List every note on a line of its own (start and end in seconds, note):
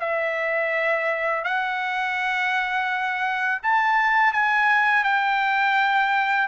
0.00 1.45 E5
1.45 3.61 F#5
3.62 4.33 A5
4.33 5.04 G#5
5.04 6.48 G5